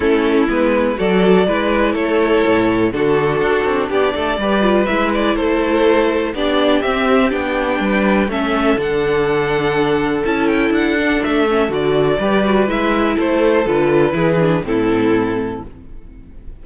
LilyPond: <<
  \new Staff \with { instrumentName = "violin" } { \time 4/4 \tempo 4 = 123 a'4 b'4 d''2 | cis''2 a'2 | d''2 e''8 d''8 c''4~ | c''4 d''4 e''4 g''4~ |
g''4 e''4 fis''2~ | fis''4 a''8 g''8 fis''4 e''4 | d''2 e''4 c''4 | b'2 a'2 | }
  \new Staff \with { instrumentName = "violin" } { \time 4/4 e'2 a'4 b'4 | a'2 fis'2 | g'8 a'8 b'2 a'4~ | a'4 g'2. |
b'4 a'2.~ | a'1~ | a'4 b'2 a'4~ | a'4 gis'4 e'2 | }
  \new Staff \with { instrumentName = "viola" } { \time 4/4 cis'4 b4 fis'4 e'4~ | e'2 d'2~ | d'4 g'8 f'8 e'2~ | e'4 d'4 c'4 d'4~ |
d'4 cis'4 d'2~ | d'4 e'4. d'4 cis'8 | fis'4 g'8 fis'8 e'2 | f'4 e'8 d'8 c'2 | }
  \new Staff \with { instrumentName = "cello" } { \time 4/4 a4 gis4 fis4 gis4 | a4 a,4 d4 d'8 c'8 | b8 a8 g4 gis4 a4~ | a4 b4 c'4 b4 |
g4 a4 d2~ | d4 cis'4 d'4 a4 | d4 g4 gis4 a4 | d4 e4 a,2 | }
>>